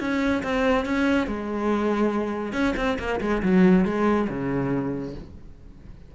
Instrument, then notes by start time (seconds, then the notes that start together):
cello
0.00 C#4
0.43 C4
0.86 C#4
1.27 G#3
2.53 C#4
2.77 C4
2.99 A#3
3.21 G#3
3.43 F#3
3.85 G#3
4.29 C#3